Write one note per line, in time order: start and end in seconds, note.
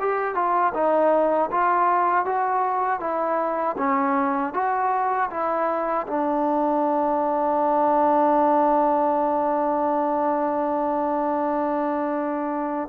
0.00 0.35 G4
0.35 0.73 F4
0.74 1.50 D#4
1.51 2.25 F4
2.25 3.00 F#4
3.00 3.76 E4
3.78 4.54 C#4
4.54 5.30 F#4
5.30 6.06 E4
6.07 12.89 D4